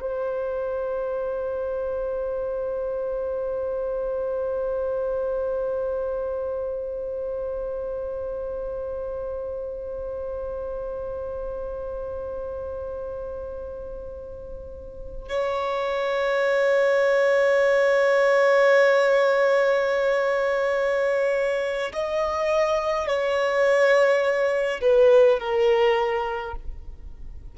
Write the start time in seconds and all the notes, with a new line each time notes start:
0.00 C5
15.28 C#5
21.92 D#5
23.07 C#5
24.81 B4
25.39 A#4